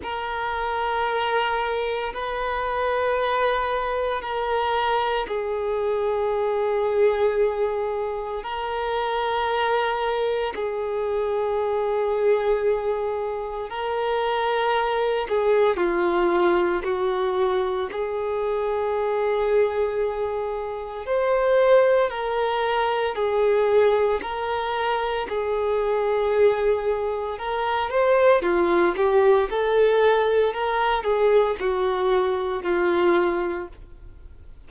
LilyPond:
\new Staff \with { instrumentName = "violin" } { \time 4/4 \tempo 4 = 57 ais'2 b'2 | ais'4 gis'2. | ais'2 gis'2~ | gis'4 ais'4. gis'8 f'4 |
fis'4 gis'2. | c''4 ais'4 gis'4 ais'4 | gis'2 ais'8 c''8 f'8 g'8 | a'4 ais'8 gis'8 fis'4 f'4 | }